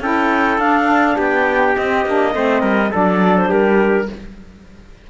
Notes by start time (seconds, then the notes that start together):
0.00 C#4 E4 A4 G5
0.58 D4 F5
1.17 B3 G4 G5
1.76 C4 D#5
2.06 A#3 D4
2.34 A3 C4 C5
2.62 G3 A#4
2.91 F#3 D4 A4 D5
3.38 C5
3.49 G3 G4 A#4